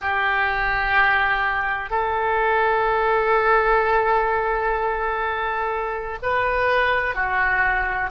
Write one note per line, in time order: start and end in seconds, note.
0.01 1.90 G4
1.90 6.18 A4
6.22 7.14 B4
7.14 8.10 F#4